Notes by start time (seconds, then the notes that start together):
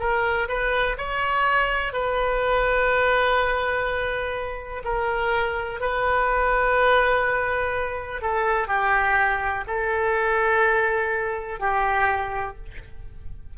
0.00 A#4
0.49 B4
0.98 C#5
1.93 B4
4.85 A#4
5.81 B4
8.22 A4
8.68 G4
9.67 A4
11.60 G4